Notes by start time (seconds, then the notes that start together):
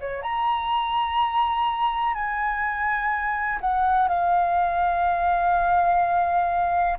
0.00 C#5
0.22 A#5
2.14 G#5
3.61 F#5
4.08 F5